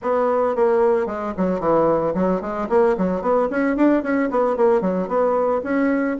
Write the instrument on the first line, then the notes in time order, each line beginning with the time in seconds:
bassoon
0.02 B3
0.55 A#3
1.06 G#3
1.37 F#3
1.60 E3
2.14 F#3
2.41 G#3
2.69 A#3
2.97 F#3
3.21 B3
3.50 C#4
3.76 D4
4.03 C#4
4.30 B3
4.56 A#3
4.81 F#3
5.07 B3
5.63 C#4